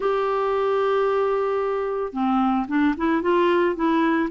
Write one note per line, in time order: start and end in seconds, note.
0.00 2.12 G4
2.12 2.66 C4
2.68 2.94 D4
2.97 3.22 E4
3.22 3.75 F4
3.75 4.29 E4